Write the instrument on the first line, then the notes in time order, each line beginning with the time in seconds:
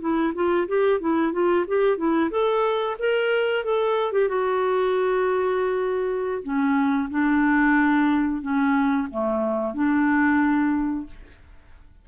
clarinet
0.00 E4
0.34 F4
0.68 G4
1.00 E4
1.33 F4
1.68 G4
1.97 E4
2.30 A4
2.99 A#4
3.64 A4
4.12 G4
4.29 F#4
6.43 C#4
7.10 D4
8.42 C#4
9.11 A3
9.74 D4